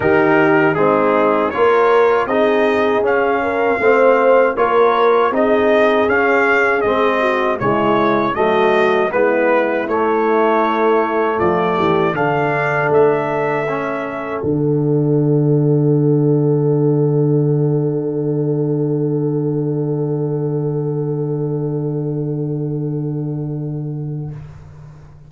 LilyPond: <<
  \new Staff \with { instrumentName = "trumpet" } { \time 4/4 \tempo 4 = 79 ais'4 gis'4 cis''4 dis''4 | f''2 cis''4 dis''4 | f''4 dis''4 cis''4 dis''4 | b'4 cis''2 d''4 |
f''4 e''2 fis''4~ | fis''1~ | fis''1~ | fis''1 | }
  \new Staff \with { instrumentName = "horn" } { \time 4/4 g'4 dis'4 ais'4 gis'4~ | gis'8 ais'8 c''4 ais'4 gis'4~ | gis'4. fis'8 e'4 fis'4 | e'2. f'8 g'8 |
a'1~ | a'1~ | a'1~ | a'1 | }
  \new Staff \with { instrumentName = "trombone" } { \time 4/4 dis'4 c'4 f'4 dis'4 | cis'4 c'4 f'4 dis'4 | cis'4 c'4 gis4 a4 | b4 a2. |
d'2 cis'4 d'4~ | d'1~ | d'1~ | d'1 | }
  \new Staff \with { instrumentName = "tuba" } { \time 4/4 dis4 gis4 ais4 c'4 | cis'4 a4 ais4 c'4 | cis'4 gis4 cis4 fis4 | gis4 a2 f8 e8 |
d4 a2 d4~ | d1~ | d1~ | d1 | }
>>